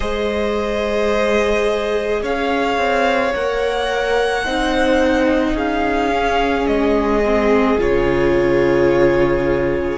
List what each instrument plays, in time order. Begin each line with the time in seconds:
0.00 cello G#3, viola G#4, violin C5 D#5
2.22 cello C#4, violin C#5 F5
2.77 cello C4
3.34 cello A#3, viola A#4, violin F#5
4.44 cello C4, viola D#4, violin C5
5.53 cello C#4, violin G#4 F5
6.10 viola C#4
6.66 cello G#3, violin D#5
7.25 viola C4
7.78 cello C#3, viola F4, violin C#5